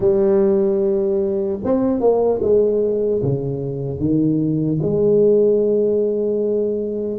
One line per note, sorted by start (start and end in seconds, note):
0.00 1.59 G3
1.64 2.00 C4
2.00 2.40 A#3
2.41 3.21 G#3
3.22 3.99 C#3
3.99 4.79 D#3
4.81 7.18 G#3